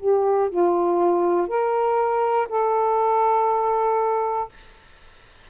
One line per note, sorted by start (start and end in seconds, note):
0.00 0.50 G4
0.50 1.48 F4
1.48 2.48 A#4
2.49 4.49 A4